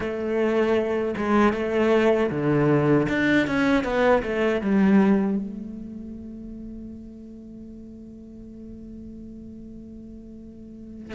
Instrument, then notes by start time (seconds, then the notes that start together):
cello
0.00 A3
1.16 G#3
1.53 A3
2.30 D3
3.08 D4
3.47 C#4
3.84 B3
4.22 A3
4.61 G3
5.38 A3